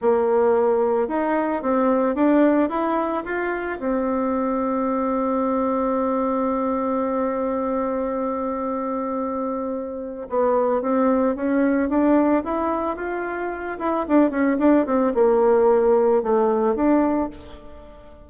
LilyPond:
\new Staff \with { instrumentName = "bassoon" } { \time 4/4 \tempo 4 = 111 ais2 dis'4 c'4 | d'4 e'4 f'4 c'4~ | c'1~ | c'1~ |
c'2. b4 | c'4 cis'4 d'4 e'4 | f'4. e'8 d'8 cis'8 d'8 c'8 | ais2 a4 d'4 | }